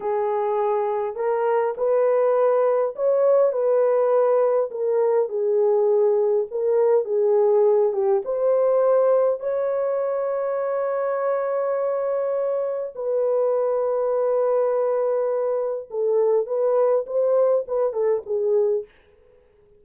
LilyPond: \new Staff \with { instrumentName = "horn" } { \time 4/4 \tempo 4 = 102 gis'2 ais'4 b'4~ | b'4 cis''4 b'2 | ais'4 gis'2 ais'4 | gis'4. g'8 c''2 |
cis''1~ | cis''2 b'2~ | b'2. a'4 | b'4 c''4 b'8 a'8 gis'4 | }